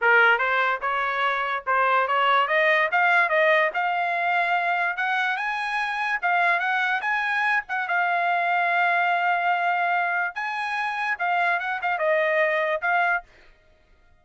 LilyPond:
\new Staff \with { instrumentName = "trumpet" } { \time 4/4 \tempo 4 = 145 ais'4 c''4 cis''2 | c''4 cis''4 dis''4 f''4 | dis''4 f''2. | fis''4 gis''2 f''4 |
fis''4 gis''4. fis''8 f''4~ | f''1~ | f''4 gis''2 f''4 | fis''8 f''8 dis''2 f''4 | }